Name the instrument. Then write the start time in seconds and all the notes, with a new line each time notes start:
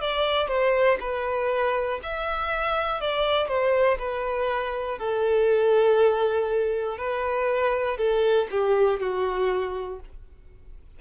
violin
0.00 D5
0.47 C5
1.00 B4
2.03 E5
3.00 D5
3.47 C5
3.99 B4
4.98 A4
6.98 B4
7.97 A4
8.51 G4
8.99 F#4